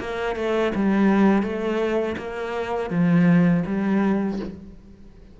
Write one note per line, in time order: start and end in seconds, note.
0.00 0.36 A#3
0.36 0.73 A3
0.75 1.43 G3
1.43 2.16 A3
2.18 2.90 A#3
2.90 3.64 F3
3.66 4.39 G3